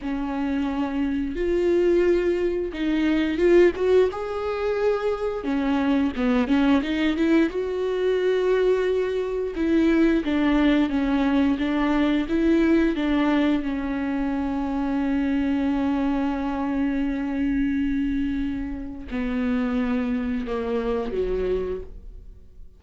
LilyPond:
\new Staff \with { instrumentName = "viola" } { \time 4/4 \tempo 4 = 88 cis'2 f'2 | dis'4 f'8 fis'8 gis'2 | cis'4 b8 cis'8 dis'8 e'8 fis'4~ | fis'2 e'4 d'4 |
cis'4 d'4 e'4 d'4 | cis'1~ | cis'1 | b2 ais4 fis4 | }